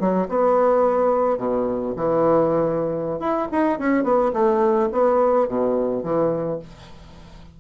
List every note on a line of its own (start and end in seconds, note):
0.00 0.28 F#3
0.29 1.38 B3
1.38 1.94 B2
1.96 3.20 E3
3.20 3.48 E4
3.52 3.79 D#4
3.79 4.04 C#4
4.04 4.32 B3
4.33 4.89 A3
4.92 5.48 B3
5.48 6.03 B2
6.03 6.59 E3